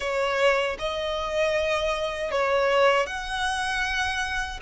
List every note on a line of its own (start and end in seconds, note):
0.00 0.77 C#5
0.79 2.31 D#5
2.31 3.06 C#5
3.06 4.60 F#5